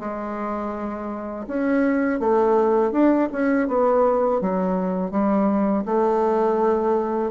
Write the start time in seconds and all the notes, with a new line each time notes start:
0.00 G#3
1.48 C#4
2.21 A3
2.92 D4
3.32 C#4
3.68 B3
4.41 F#3
5.12 G3
5.86 A3